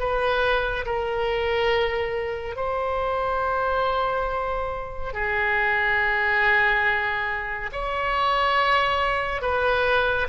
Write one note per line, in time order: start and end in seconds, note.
0.00 0.86 B4
0.86 2.56 A#4
2.56 5.14 C5
5.14 7.71 G#4
7.73 9.42 C#5
9.42 10.27 B4